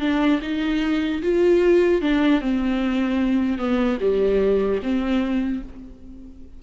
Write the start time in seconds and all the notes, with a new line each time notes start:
0.00 D4
0.42 D#4
1.22 F4
2.01 D4
2.41 C4
3.58 B3
4.00 G3
4.82 C4